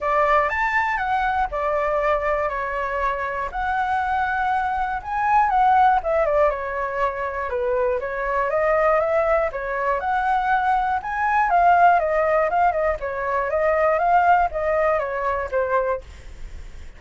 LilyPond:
\new Staff \with { instrumentName = "flute" } { \time 4/4 \tempo 4 = 120 d''4 a''4 fis''4 d''4~ | d''4 cis''2 fis''4~ | fis''2 gis''4 fis''4 | e''8 d''8 cis''2 b'4 |
cis''4 dis''4 e''4 cis''4 | fis''2 gis''4 f''4 | dis''4 f''8 dis''8 cis''4 dis''4 | f''4 dis''4 cis''4 c''4 | }